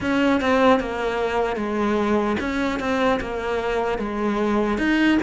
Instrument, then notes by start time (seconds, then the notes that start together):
cello
0.00 C#4
0.40 C4
0.80 A#3
1.56 G#3
2.40 C#4
2.79 C4
3.20 A#3
3.98 G#3
4.77 D#4